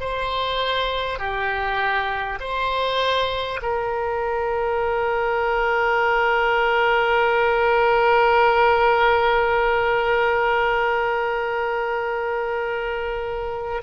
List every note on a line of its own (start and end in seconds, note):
0.00 1.18 C5
1.18 2.38 G4
2.40 3.60 C5
3.62 13.82 A#4